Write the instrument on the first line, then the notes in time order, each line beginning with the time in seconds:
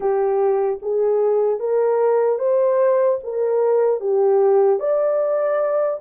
horn
0.00 G4
0.81 G#4
1.59 A#4
2.38 C5
3.23 A#4
4.00 G4
4.79 D5